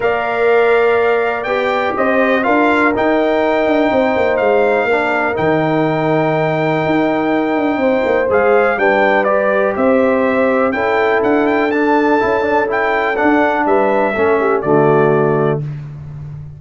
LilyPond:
<<
  \new Staff \with { instrumentName = "trumpet" } { \time 4/4 \tempo 4 = 123 f''2. g''4 | dis''4 f''4 g''2~ | g''4 f''2 g''4~ | g''1~ |
g''4 f''4 g''4 d''4 | e''2 g''4 fis''8 g''8 | a''2 g''4 fis''4 | e''2 d''2 | }
  \new Staff \with { instrumentName = "horn" } { \time 4/4 d''1 | c''4 ais'2. | c''2 ais'2~ | ais'1 |
c''2 b'2 | c''2 a'2~ | a'1 | b'4 a'8 g'8 fis'2 | }
  \new Staff \with { instrumentName = "trombone" } { \time 4/4 ais'2. g'4~ | g'4 f'4 dis'2~ | dis'2 d'4 dis'4~ | dis'1~ |
dis'4 gis'4 d'4 g'4~ | g'2 e'2 | d'4 e'8 d'8 e'4 d'4~ | d'4 cis'4 a2 | }
  \new Staff \with { instrumentName = "tuba" } { \time 4/4 ais2. b4 | c'4 d'4 dis'4. d'8 | c'8 ais8 gis4 ais4 dis4~ | dis2 dis'4. d'8 |
c'8 ais8 gis4 g2 | c'2 cis'4 d'4~ | d'4 cis'2 d'4 | g4 a4 d2 | }
>>